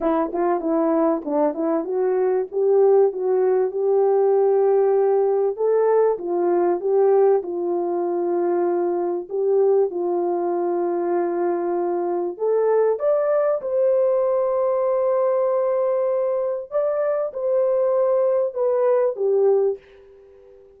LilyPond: \new Staff \with { instrumentName = "horn" } { \time 4/4 \tempo 4 = 97 e'8 f'8 e'4 d'8 e'8 fis'4 | g'4 fis'4 g'2~ | g'4 a'4 f'4 g'4 | f'2. g'4 |
f'1 | a'4 d''4 c''2~ | c''2. d''4 | c''2 b'4 g'4 | }